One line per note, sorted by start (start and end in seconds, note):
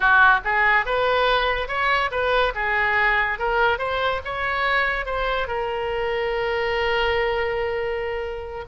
0.00 0.40 F#4
0.44 0.85 G#4
0.85 1.68 B4
1.68 2.10 C#5
2.11 2.53 B4
2.54 3.38 G#4
3.38 3.78 A#4
3.78 4.20 C5
4.24 5.05 C#5
5.05 5.47 C5
5.47 8.64 A#4